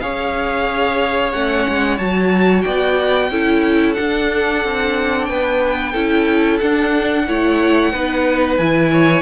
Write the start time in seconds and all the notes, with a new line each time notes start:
0.00 C#4 G#4 C#5 F5
1.32 A3 C#4 F#5
1.68 G#3
1.97 F#3 F#4 A5
2.62 B3 D5 G5
3.30 C#4 E4 A4
3.93 D4 F#5
3.99 D4
4.64 C4
5.25 B3 B4 G5
5.92 C#4 E4 A4
6.59 D4 F#5
7.27 A3 E4 C#5
7.92 B3 D#4 B4
8.57 E3 E4 G#5
8.92 C#5